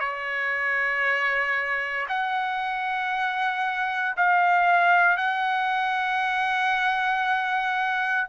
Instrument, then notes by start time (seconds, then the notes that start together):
trumpet
0.00 C#5
2.09 F#5
4.17 F5
5.17 F#5